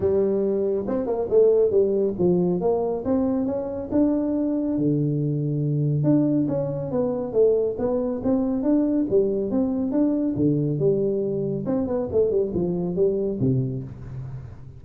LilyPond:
\new Staff \with { instrumentName = "tuba" } { \time 4/4 \tempo 4 = 139 g2 c'8 ais8 a4 | g4 f4 ais4 c'4 | cis'4 d'2 d4~ | d2 d'4 cis'4 |
b4 a4 b4 c'4 | d'4 g4 c'4 d'4 | d4 g2 c'8 b8 | a8 g8 f4 g4 c4 | }